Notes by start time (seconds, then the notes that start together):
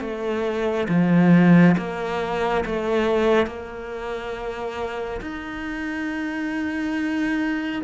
0.00 A3
0.89 F3
1.77 A#3
2.65 A3
3.46 A#3
5.21 D#4